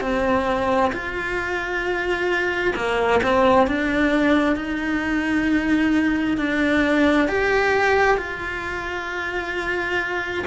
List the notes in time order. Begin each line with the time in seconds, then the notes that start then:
0.00 C4
0.92 F4
2.75 A#3
3.23 C4
3.67 D4
4.56 D#4
6.37 D4
7.28 G4
8.17 F4